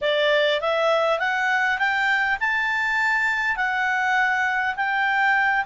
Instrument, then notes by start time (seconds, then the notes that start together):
clarinet
0.01 D5
0.60 E5
1.19 F#5
1.78 G5
2.40 A5
3.56 F#5
4.76 G5